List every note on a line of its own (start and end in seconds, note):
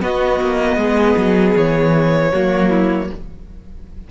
0.00 2.31 B3
0.00 0.40 B3
0.00 0.78 F#4
0.00 1.56 D#5
0.40 0.76 A#3
0.76 1.15 G#3
0.76 2.31 G#4
1.16 1.55 F#3
1.55 2.32 E3
1.55 3.10 C#5
2.31 3.09 F#3
2.31 3.10 A#3
2.31 2.69 F#4
2.69 3.08 E4